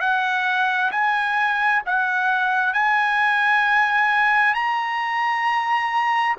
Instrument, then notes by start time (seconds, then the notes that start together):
trumpet
0.00 F#5
0.91 G#5
1.86 F#5
2.74 G#5
4.54 A#5